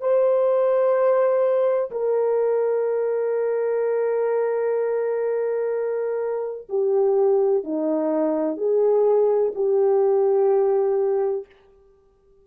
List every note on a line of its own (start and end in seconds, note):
0.00 1.90 C5
1.91 6.67 A#4
6.69 7.64 G4
7.64 8.57 D#4
8.57 9.52 G#4
9.55 11.45 G4